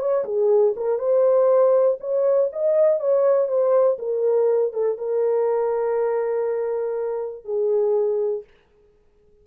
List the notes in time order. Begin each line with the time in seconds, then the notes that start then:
0.00 C#5
0.25 G#4
0.77 A#4
0.99 C5
2.01 C#5
2.53 D#5
3.00 C#5
3.48 C5
3.99 A#4
4.73 A4
4.98 A#4
7.45 G#4